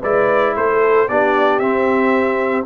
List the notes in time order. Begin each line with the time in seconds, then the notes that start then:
0.00 G#3 E4 B4 D5
0.55 A3 A4 C5
1.08 B3 D4 G4 D5
1.59 C4 E5